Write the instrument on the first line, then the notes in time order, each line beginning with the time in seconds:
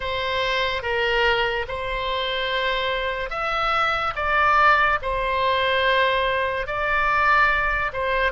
oboe
0.00 C5
0.82 A#4
1.67 C5
3.30 E5
4.15 D5
5.02 C5
6.66 D5
7.92 C5